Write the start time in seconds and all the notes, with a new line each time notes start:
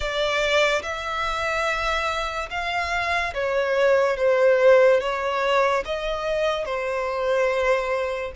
0.00 D5
0.82 E5
2.50 F5
3.33 C#5
4.17 C5
5.00 C#5
5.85 D#5
6.65 C5